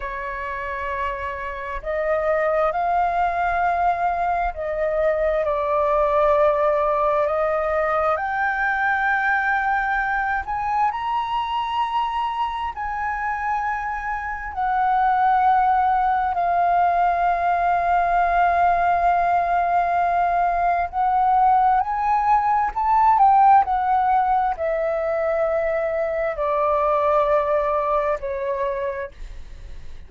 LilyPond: \new Staff \with { instrumentName = "flute" } { \time 4/4 \tempo 4 = 66 cis''2 dis''4 f''4~ | f''4 dis''4 d''2 | dis''4 g''2~ g''8 gis''8 | ais''2 gis''2 |
fis''2 f''2~ | f''2. fis''4 | gis''4 a''8 g''8 fis''4 e''4~ | e''4 d''2 cis''4 | }